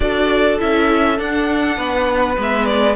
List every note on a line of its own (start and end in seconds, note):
0.00 0.59 D4
0.00 0.58 F#4
0.00 1.77 A4
0.00 0.57 D5
0.58 1.19 C#4
0.58 1.17 E4
0.58 1.19 E5
1.17 2.36 D4
1.17 1.77 D4
1.17 2.37 F#5
1.77 2.36 B3
1.77 2.95 B4
2.36 2.95 G#3
2.36 2.95 B3
2.36 2.65 E5
2.65 2.95 D5